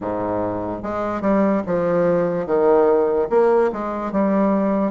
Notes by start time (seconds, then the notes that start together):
0.00 G#2
0.82 G#3
1.21 G3
1.66 F3
2.46 D#3
3.29 A#3
3.72 G#3
4.11 G3